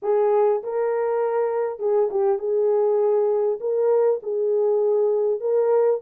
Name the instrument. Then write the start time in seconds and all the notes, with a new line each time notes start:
horn
0.02 G#4
0.63 A#4
1.79 G#4
2.10 G4
2.38 G#4
3.60 A#4
4.22 G#4
5.40 A#4